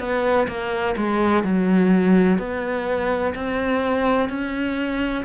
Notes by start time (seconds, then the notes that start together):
0.00 B3
0.48 A#3
0.97 G#3
1.44 F#3
2.39 B3
3.35 C4
4.29 C#4